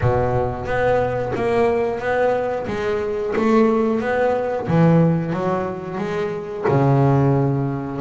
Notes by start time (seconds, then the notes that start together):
0.01 B2
0.65 B3
1.35 A#3
1.99 B3
2.67 G#3
3.35 A3
4.00 B3
4.67 E3
5.32 F#3
5.98 G#3
6.68 C#3